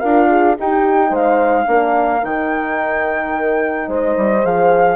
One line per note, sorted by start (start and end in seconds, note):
0.00 0.58 D4
0.00 0.57 F4
0.00 0.28 A#4
0.00 0.55 F5
0.28 0.56 G#4
0.57 1.66 D#4
0.57 1.10 D#4
0.57 1.09 G4
0.57 1.15 G5
1.09 1.65 G#3
1.09 1.64 C5
1.09 2.24 F5
1.66 2.22 A#3
1.66 2.21 D4
1.66 3.87 A#4
2.23 3.87 D#3
2.23 4.43 D#4
2.23 3.89 G5
3.87 4.15 G#3
3.87 4.95 C5
3.87 4.45 D#5
4.17 4.44 G3
4.43 4.95 F3
4.43 4.95 G#4
4.43 4.95 F5